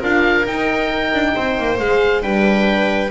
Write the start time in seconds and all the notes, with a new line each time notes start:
0.00 D4 F4 A#4 F5
0.45 D#4 G5
1.14 D4
1.36 C4 C5
1.59 A#3
1.78 G#3 G#4 F5
2.22 G3 D4 B4 G5